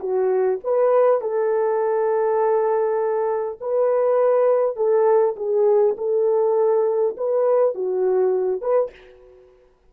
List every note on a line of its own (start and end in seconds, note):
0.00 0.59 F#4
0.64 1.22 B4
1.22 3.59 A4
3.61 4.77 B4
4.77 5.36 A4
5.37 5.96 G#4
5.98 7.17 A4
7.17 7.75 B4
7.75 8.61 F#4
8.61 8.91 B4